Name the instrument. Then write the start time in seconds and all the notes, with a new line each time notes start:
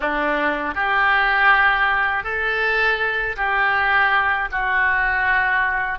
oboe
0.00 D4
0.75 G4
2.23 A4
3.36 G4
4.51 F#4